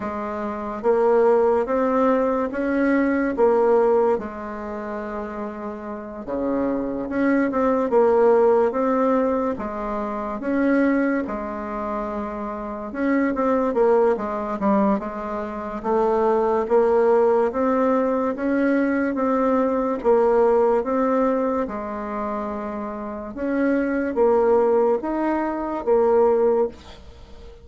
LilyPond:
\new Staff \with { instrumentName = "bassoon" } { \time 4/4 \tempo 4 = 72 gis4 ais4 c'4 cis'4 | ais4 gis2~ gis8 cis8~ | cis8 cis'8 c'8 ais4 c'4 gis8~ | gis8 cis'4 gis2 cis'8 |
c'8 ais8 gis8 g8 gis4 a4 | ais4 c'4 cis'4 c'4 | ais4 c'4 gis2 | cis'4 ais4 dis'4 ais4 | }